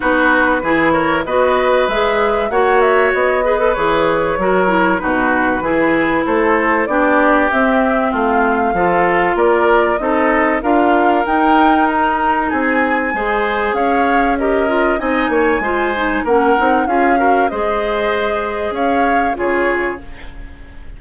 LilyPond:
<<
  \new Staff \with { instrumentName = "flute" } { \time 4/4 \tempo 4 = 96 b'4. cis''8 dis''4 e''4 | fis''8 e''8 dis''4 cis''2 | b'2 c''4 d''4 | e''4 f''2 d''4 |
dis''4 f''4 g''4 ais''4 | gis''2 f''4 dis''4 | gis''2 fis''4 f''4 | dis''2 f''4 cis''4 | }
  \new Staff \with { instrumentName = "oboe" } { \time 4/4 fis'4 gis'8 ais'8 b'2 | cis''4. b'4. ais'4 | fis'4 gis'4 a'4 g'4~ | g'4 f'4 a'4 ais'4 |
a'4 ais'2. | gis'4 c''4 cis''4 ais'4 | dis''8 cis''8 c''4 ais'4 gis'8 ais'8 | c''2 cis''4 gis'4 | }
  \new Staff \with { instrumentName = "clarinet" } { \time 4/4 dis'4 e'4 fis'4 gis'4 | fis'4. gis'16 a'16 gis'4 fis'8 e'8 | dis'4 e'2 d'4 | c'2 f'2 |
dis'4 f'4 dis'2~ | dis'4 gis'2 g'8 f'8 | dis'4 f'8 dis'8 cis'8 dis'8 f'8 fis'8 | gis'2. f'4 | }
  \new Staff \with { instrumentName = "bassoon" } { \time 4/4 b4 e4 b4 gis4 | ais4 b4 e4 fis4 | b,4 e4 a4 b4 | c'4 a4 f4 ais4 |
c'4 d'4 dis'2 | c'4 gis4 cis'2 | c'8 ais8 gis4 ais8 c'8 cis'4 | gis2 cis'4 cis4 | }
>>